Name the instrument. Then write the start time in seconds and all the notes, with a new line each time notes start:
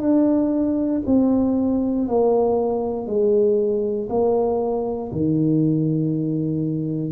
tuba
0.00 D4
1.06 C4
2.08 A#3
3.06 G#3
4.10 A#3
5.12 D#3